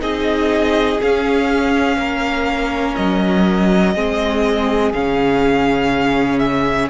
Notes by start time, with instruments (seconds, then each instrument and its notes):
0.00 cello C4, viola D#4, violin G#4 D#5
1.01 cello C#4, viola C#4, violin F5
1.97 cello A#3, violin A#4
2.95 cello F#3, violin D#5
3.94 cello G#3, viola C4, violin G#4
4.93 cello C#3, viola C#4, violin F5
6.39 violin E5